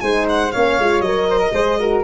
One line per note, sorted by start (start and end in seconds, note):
0.00 0.51 G#3
0.00 0.51 D#4
0.00 0.52 C5
0.00 0.25 G#5
0.28 0.51 F#5
0.51 0.78 A#3
0.51 0.80 C#4
0.51 1.27 C#5
0.51 1.01 F5
0.78 1.00 G#3
0.78 1.04 F4
1.00 1.50 F#3
1.00 1.53 A#4
1.00 2.01 D#5
1.30 1.38 C5
1.38 1.51 A#4
1.52 2.02 G#3
1.52 1.78 G#4
1.52 1.79 C5
1.79 2.03 F#4
1.79 2.03 A#4